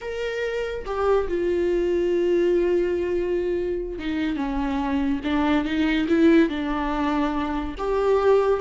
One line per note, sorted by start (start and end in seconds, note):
0.01 0.85 A#4
0.85 1.27 G4
1.28 3.98 F4
3.98 4.36 D#4
4.36 5.20 C#4
5.24 5.64 D4
5.64 6.06 D#4
6.08 6.49 E4
6.49 7.75 D4
7.78 8.60 G4